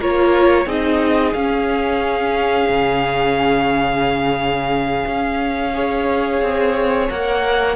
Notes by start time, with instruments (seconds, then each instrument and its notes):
0.00 cello A#3, viola F4, violin A#4 C#5
0.65 cello C4, viola D#4, violin G#4 D#5
1.33 cello C#4, viola C#4, violin F5
2.69 cello C#3
5.06 cello C#4
5.74 viola G#4, violin C#5
6.41 cello C4
7.09 cello A#3, viola A#4, violin F#5